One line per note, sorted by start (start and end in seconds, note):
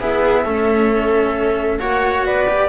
0.00 0.45 B3
0.00 0.45 E4
0.00 0.45 G#4
0.00 1.79 E5
0.45 1.80 A3
0.45 1.79 C#4
0.45 1.80 A4
1.79 2.25 A#3
1.79 2.47 F#4
1.79 2.25 C#5
1.79 2.24 F#5
2.25 2.69 B3
2.25 2.69 B4
2.25 2.69 D5
2.48 2.69 G4